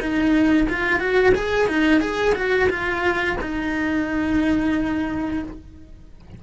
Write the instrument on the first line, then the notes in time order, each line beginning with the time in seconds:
cello
0.00 D#4
0.70 F4
1.00 F#4
1.35 G#4
1.68 D#4
2.01 G#4
2.36 F#4
2.70 F4
3.41 D#4